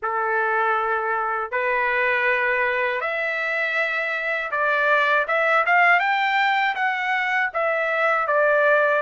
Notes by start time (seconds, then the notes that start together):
0.02 A4
1.51 B4
3.00 E5
4.51 D5
5.27 E5
5.66 F5
5.99 G5
6.75 F#5
7.53 E5
8.27 D5